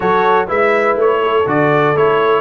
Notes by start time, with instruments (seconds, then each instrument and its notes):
0.00 tuba F#3, trombone F#4, horn A4, trumpet C#5
0.47 tuba G#3, trombone E4, horn B4, trumpet E5
0.96 tuba A3, trumpet C#5
1.22 horn A4
1.46 tuba D3, trombone F#4, trumpet D5
1.95 tuba A3, trombone E4, trumpet C#5